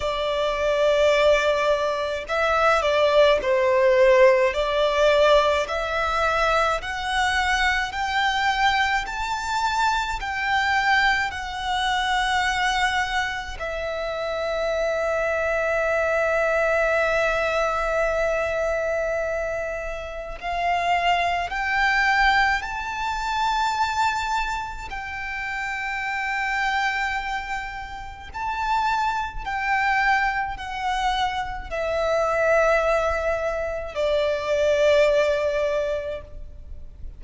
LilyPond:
\new Staff \with { instrumentName = "violin" } { \time 4/4 \tempo 4 = 53 d''2 e''8 d''8 c''4 | d''4 e''4 fis''4 g''4 | a''4 g''4 fis''2 | e''1~ |
e''2 f''4 g''4 | a''2 g''2~ | g''4 a''4 g''4 fis''4 | e''2 d''2 | }